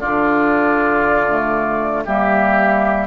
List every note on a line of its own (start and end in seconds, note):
0.00 2.07 D3
0.00 1.29 D4
0.00 2.04 F4
0.00 2.03 D5
1.29 2.06 A3
2.05 3.07 G3
2.05 3.07 A#3
2.05 3.07 G4
2.05 3.07 E5